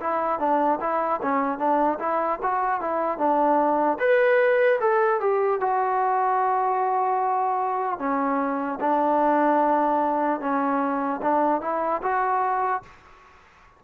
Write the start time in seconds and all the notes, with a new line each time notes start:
0.00 E4
0.39 D4
0.80 E4
1.22 C#4
1.58 D4
1.99 E4
2.42 F#4
2.80 E4
3.17 D4
3.99 B4
4.80 A4
5.20 G4
5.60 F#4
7.98 C#4
8.80 D4
10.40 C#4
11.21 D4
11.61 E4
12.02 F#4